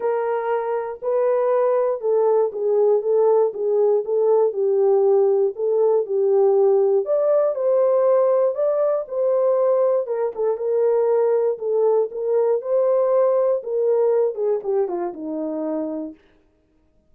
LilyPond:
\new Staff \with { instrumentName = "horn" } { \time 4/4 \tempo 4 = 119 ais'2 b'2 | a'4 gis'4 a'4 gis'4 | a'4 g'2 a'4 | g'2 d''4 c''4~ |
c''4 d''4 c''2 | ais'8 a'8 ais'2 a'4 | ais'4 c''2 ais'4~ | ais'8 gis'8 g'8 f'8 dis'2 | }